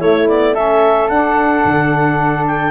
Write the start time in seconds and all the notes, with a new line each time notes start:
0.00 A3 E4 C#5
0.28 B3 D5
0.54 C#4 A4 E5
1.09 D4 F#5
1.64 D3
2.46 G5